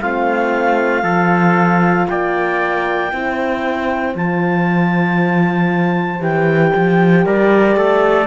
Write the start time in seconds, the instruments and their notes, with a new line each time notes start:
0.00 cello A3, horn C4, trumpet F4, clarinet F5
1.03 cello F3, horn F4, trumpet A4
2.08 cello A#3, trumpet D5, clarinet G5
3.12 cello C4, horn E4, trumpet C5
4.15 cello F3, horn F4, clarinet A5
6.20 cello E3, horn G4, clarinet G5
6.76 cello F3
7.25 cello G3, trumpet A#4, clarinet D5
7.76 cello A3, trumpet A4